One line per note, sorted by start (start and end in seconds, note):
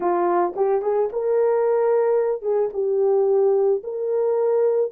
0.00 0.54 F4
0.56 0.82 G4
0.82 1.09 G#4
1.12 2.42 A#4
2.42 2.69 G#4
2.73 3.82 G4
3.83 4.91 A#4